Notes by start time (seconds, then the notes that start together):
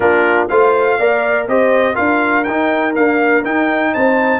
0.00 A#3 D4 F4 A#4
0.48 A3 F4 C5 F5
0.98 A#3 A#4 D5
1.47 C4 G4 C5 D#5
1.94 D4 F4 A#4 F5
2.43 D#4 G5
2.94 A#3 D4 F5
3.44 D#4 G5
3.92 C4 C5 A5